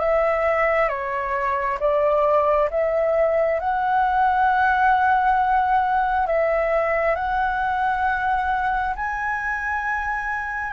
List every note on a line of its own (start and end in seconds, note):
0.00 0.89 E5
0.89 1.78 C#5
1.80 2.69 D5
2.70 3.60 E5
3.60 6.27 F#5
6.27 7.16 E5
7.16 8.95 F#5
8.96 10.73 G#5